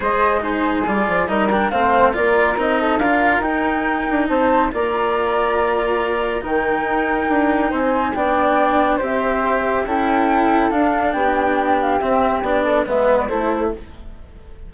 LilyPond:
<<
  \new Staff \with { instrumentName = "flute" } { \time 4/4 \tempo 4 = 140 dis''4 c''4 d''4 dis''8 g''8 | f''4 d''4 dis''4 f''4 | g''2 a''4 ais''4~ | ais''2. g''4~ |
g''2 gis''4 g''4~ | g''4 e''2 g''4~ | g''4 f''4 g''4. f''8 | e''4 d''4 e''8. d''16 c''4 | }
  \new Staff \with { instrumentName = "flute" } { \time 4/4 c''4 gis'2 ais'4 | c''4 ais'4. a'8 ais'4~ | ais'2 c''4 d''4~ | d''2. ais'4~ |
ais'2 c''4 d''4~ | d''4 c''2 a'4~ | a'2 g'2~ | g'4. a'8 b'4 a'4 | }
  \new Staff \with { instrumentName = "cello" } { \time 4/4 gis'4 dis'4 f'4 dis'8 d'8 | c'4 f'4 dis'4 f'4 | dis'2. f'4~ | f'2. dis'4~ |
dis'2. d'4~ | d'4 g'2 e'4~ | e'4 d'2. | c'4 d'4 b4 e'4 | }
  \new Staff \with { instrumentName = "bassoon" } { \time 4/4 gis2 g8 f8 g4 | a4 ais4 c'4 d'4 | dis'4. d'8 c'4 ais4~ | ais2. dis4 |
dis'4 d'4 c'4 b4~ | b4 c'2 cis'4~ | cis'4 d'4 b2 | c'4 b4 gis4 a4 | }
>>